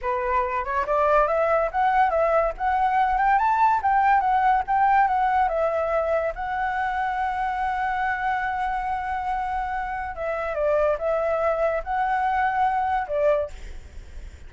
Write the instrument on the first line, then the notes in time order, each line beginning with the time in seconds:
flute
0.01 B4
0.64 C#5
0.86 D5
1.27 E5
1.71 F#5
2.10 E5
2.57 F#5
3.17 G5
3.38 A5
3.82 G5
4.20 F#5
4.67 G5
5.07 F#5
5.48 E5
6.35 F#5
10.15 E5
10.54 D5
10.98 E5
11.83 F#5
13.07 D5